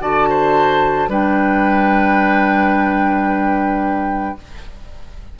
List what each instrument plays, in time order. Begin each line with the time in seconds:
0.00 bassoon D3, clarinet F#4, oboe D5, flute A5
0.29 oboe C5
1.08 bassoon G3, clarinet D4, oboe B4, flute G5